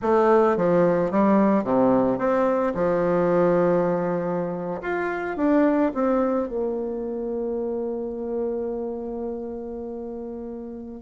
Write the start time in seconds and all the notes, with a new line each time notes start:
0.02 A3
0.57 F3
1.11 G3
1.64 C3
2.18 C4
2.74 F3
4.81 F4
5.37 D4
5.94 C4
6.48 A#3